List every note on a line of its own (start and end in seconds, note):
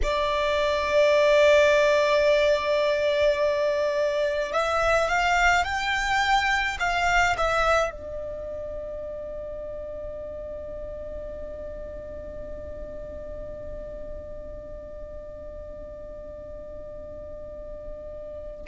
0.03 4.52 D5
4.52 5.08 E5
5.08 5.64 F5
5.64 6.77 G5
6.79 7.36 F5
7.37 7.90 E5
7.90 18.66 D5